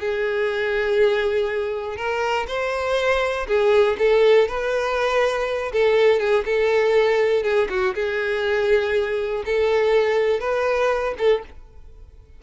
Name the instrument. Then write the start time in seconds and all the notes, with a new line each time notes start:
violin
0.00 G#4
1.97 A#4
2.47 C5
3.47 G#4
3.98 A4
4.48 B4
5.72 A4
6.20 G#4
6.45 A4
7.43 G#4
7.69 F#4
7.95 G#4
9.45 A4
10.40 B4
11.18 A4